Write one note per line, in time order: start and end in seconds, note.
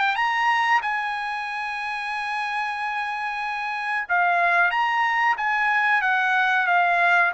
0.00 0.16 G5
0.16 0.82 A#5
0.82 4.08 G#5
4.09 4.71 F5
4.71 5.36 A#5
5.38 6.02 G#5
6.02 6.67 F#5
6.67 7.32 F5